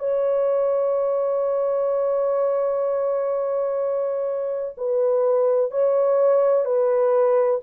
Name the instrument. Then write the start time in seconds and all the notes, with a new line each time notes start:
horn
0.00 C#5
4.78 B4
5.71 C#5
6.65 B4